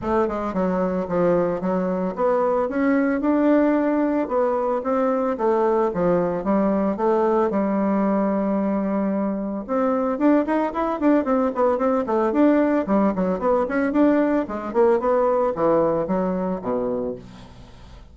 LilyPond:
\new Staff \with { instrumentName = "bassoon" } { \time 4/4 \tempo 4 = 112 a8 gis8 fis4 f4 fis4 | b4 cis'4 d'2 | b4 c'4 a4 f4 | g4 a4 g2~ |
g2 c'4 d'8 dis'8 | e'8 d'8 c'8 b8 c'8 a8 d'4 | g8 fis8 b8 cis'8 d'4 gis8 ais8 | b4 e4 fis4 b,4 | }